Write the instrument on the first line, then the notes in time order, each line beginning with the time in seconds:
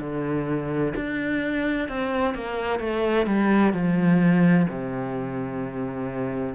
cello
0.00 D3
0.95 D4
1.88 C4
2.34 A#3
2.80 A3
3.26 G3
3.73 F3
4.69 C3